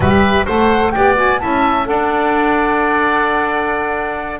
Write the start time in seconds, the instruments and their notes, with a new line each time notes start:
0.00 double bass G3, saxophone G4, oboe B4, flute E5
0.45 double bass A3, saxophone A4, oboe C5, flute F#5
0.90 double bass B3, saxophone G4, oboe D5, flute G5
1.15 saxophone F#4, flute G#5
1.39 double bass C#4, saxophone E4, oboe E5, flute A5
1.85 double bass D4, saxophone A4, oboe D5, flute F#5